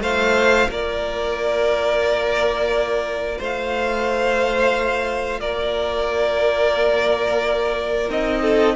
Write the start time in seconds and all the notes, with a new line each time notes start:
0.00 A3 F4 C5 F5
0.70 A#3 A#4 D5
3.38 A3 C5 F5
5.41 A#3 A#4 D5
8.10 C4 D#4 D#5
8.42 A4